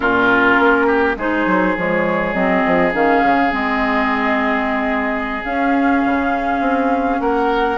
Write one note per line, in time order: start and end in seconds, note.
0.00 0.58 A#2
0.00 1.17 C#4
0.00 0.86 F4
0.00 1.16 A#4
0.59 1.16 A#3
0.86 1.16 G4
1.16 1.45 G#3
1.16 1.77 D#4
1.16 7.20 G#4
1.16 1.77 C5
1.46 1.75 F#3
1.76 2.33 F3
1.76 2.34 G#3
1.76 2.33 C#5
2.33 2.63 F#3
2.33 2.92 C4
2.33 2.92 D#5
2.65 2.93 F3
2.92 3.22 D#3
2.92 3.50 C#4
2.92 3.53 F5
3.22 3.52 C#3
3.50 5.44 G#3
3.50 5.41 C4
3.50 5.44 D#5
5.44 6.03 C#4
5.44 7.78 C#4
5.44 7.20 F5
6.04 6.60 C#3
6.60 7.19 C4
7.20 7.78 A#3
7.20 7.78 A#4
7.20 7.78 F#5